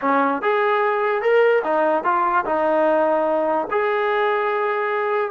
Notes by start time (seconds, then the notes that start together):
0.01 C#4
0.42 G#4
1.22 A#4
1.63 D#4
2.03 F4
2.45 D#4
3.70 G#4